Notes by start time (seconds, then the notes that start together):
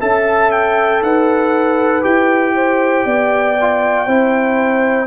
0.00 C#4 A4 E5 A5
0.51 G5
1.01 D#4 B4 F#5
2.01 E4 G4 G5
2.55 C5
3.05 B3 D5
3.60 F4
4.06 C4 E4 C5